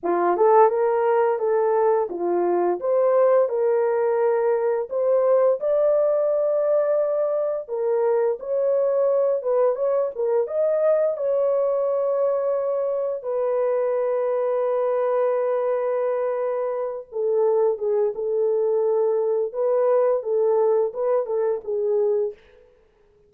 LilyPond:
\new Staff \with { instrumentName = "horn" } { \time 4/4 \tempo 4 = 86 f'8 a'8 ais'4 a'4 f'4 | c''4 ais'2 c''4 | d''2. ais'4 | cis''4. b'8 cis''8 ais'8 dis''4 |
cis''2. b'4~ | b'1~ | b'8 a'4 gis'8 a'2 | b'4 a'4 b'8 a'8 gis'4 | }